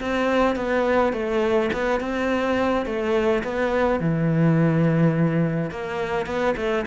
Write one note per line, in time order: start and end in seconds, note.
0.00 0.56 C4
0.56 1.13 B3
1.13 1.70 A3
1.73 2.00 B3
2.00 2.86 C4
2.86 3.43 A3
3.44 4.00 B3
4.00 5.71 E3
5.71 6.26 A#3
6.26 6.55 B3
6.57 6.85 A3